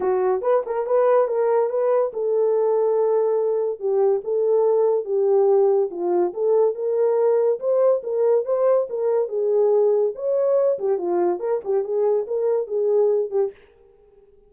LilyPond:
\new Staff \with { instrumentName = "horn" } { \time 4/4 \tempo 4 = 142 fis'4 b'8 ais'8 b'4 ais'4 | b'4 a'2.~ | a'4 g'4 a'2 | g'2 f'4 a'4 |
ais'2 c''4 ais'4 | c''4 ais'4 gis'2 | cis''4. g'8 f'4 ais'8 g'8 | gis'4 ais'4 gis'4. g'8 | }